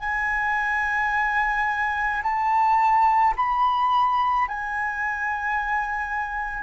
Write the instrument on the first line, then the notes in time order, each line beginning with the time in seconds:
flute
0.00 G#5
2.23 A5
3.36 B5
4.48 G#5